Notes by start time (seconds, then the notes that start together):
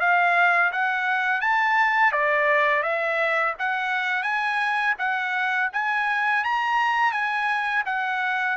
0.00 F5
0.72 F#5
1.41 A5
2.12 D5
2.83 E5
3.59 F#5
4.23 G#5
4.99 F#5
5.73 G#5
6.44 A#5
7.12 G#5
7.86 F#5